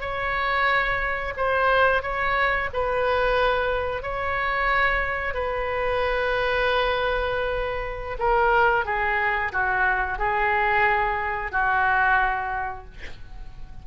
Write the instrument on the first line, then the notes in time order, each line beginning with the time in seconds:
oboe
0.00 C#5
1.36 C5
2.02 C#5
2.73 B4
4.02 C#5
5.34 B4
8.18 A#4
8.85 G#4
9.52 F#4
10.18 G#4
11.51 F#4